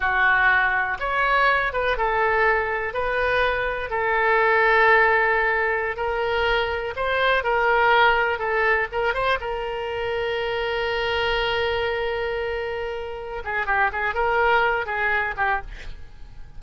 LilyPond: \new Staff \with { instrumentName = "oboe" } { \time 4/4 \tempo 4 = 123 fis'2 cis''4. b'8 | a'2 b'2 | a'1~ | a'16 ais'2 c''4 ais'8.~ |
ais'4~ ais'16 a'4 ais'8 c''8 ais'8.~ | ais'1~ | ais'2.~ ais'8 gis'8 | g'8 gis'8 ais'4. gis'4 g'8 | }